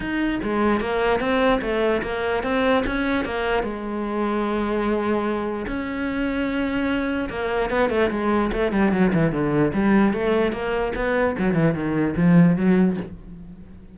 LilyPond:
\new Staff \with { instrumentName = "cello" } { \time 4/4 \tempo 4 = 148 dis'4 gis4 ais4 c'4 | a4 ais4 c'4 cis'4 | ais4 gis2.~ | gis2 cis'2~ |
cis'2 ais4 b8 a8 | gis4 a8 g8 fis8 e8 d4 | g4 a4 ais4 b4 | fis8 e8 dis4 f4 fis4 | }